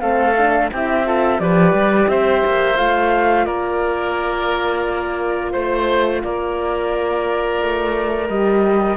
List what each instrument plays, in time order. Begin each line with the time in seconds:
0.00 cello A3, horn C4, oboe A4, flute F5
0.37 horn D4
0.72 cello C4, horn E4, oboe G4, flute E5
1.05 horn F4, oboe A4
1.39 cello F3, horn G4, oboe B4, flute D5
1.73 cello G3
2.08 cello C4, oboe C5, flute E5
2.45 cello A#3
2.77 cello A3, horn F4, flute F5
3.45 cello A#3, oboe A#4, flute D5
5.52 cello A3, oboe C5, flute C5
6.23 cello A#3, oboe A#4, flute D5
7.62 cello A3
8.29 cello G3, horn G4, flute D#5